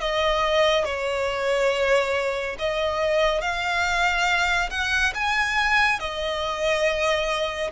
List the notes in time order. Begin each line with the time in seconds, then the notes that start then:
0.00 D#5
0.85 C#5
2.59 D#5
3.41 F5
4.70 F#5
5.14 G#5
5.99 D#5